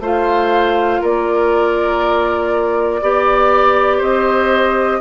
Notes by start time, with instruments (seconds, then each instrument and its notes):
0.00 bassoon A3, clarinet F4, oboe C5, flute F5
1.01 bassoon A#3, oboe A#4, flute D5
3.02 bassoon B3, clarinet G4, oboe D5
3.98 bassoon C4, oboe C5, flute D#5